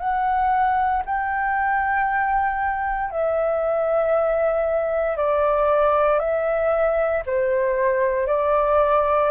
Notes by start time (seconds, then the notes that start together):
0.00 F#5
1.06 G5
3.11 E5
5.17 D5
6.20 E5
7.26 C5
8.28 D5